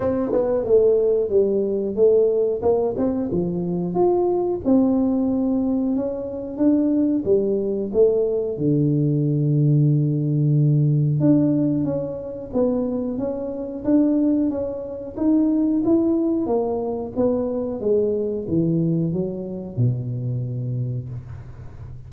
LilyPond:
\new Staff \with { instrumentName = "tuba" } { \time 4/4 \tempo 4 = 91 c'8 b8 a4 g4 a4 | ais8 c'8 f4 f'4 c'4~ | c'4 cis'4 d'4 g4 | a4 d2.~ |
d4 d'4 cis'4 b4 | cis'4 d'4 cis'4 dis'4 | e'4 ais4 b4 gis4 | e4 fis4 b,2 | }